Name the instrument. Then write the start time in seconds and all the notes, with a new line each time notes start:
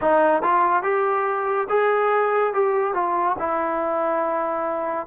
trombone
0.01 D#4
0.42 F4
0.83 G4
1.69 G#4
2.54 G4
2.93 F4
3.38 E4